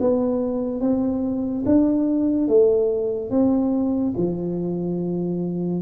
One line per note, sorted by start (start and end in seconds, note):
0.00 0.81 B3
0.81 1.64 C4
1.66 2.48 D4
2.48 3.30 A3
3.30 4.13 C4
4.17 5.82 F3